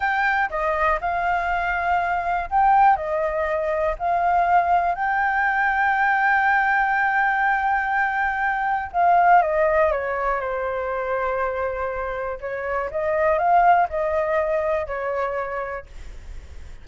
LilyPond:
\new Staff \with { instrumentName = "flute" } { \time 4/4 \tempo 4 = 121 g''4 dis''4 f''2~ | f''4 g''4 dis''2 | f''2 g''2~ | g''1~ |
g''2 f''4 dis''4 | cis''4 c''2.~ | c''4 cis''4 dis''4 f''4 | dis''2 cis''2 | }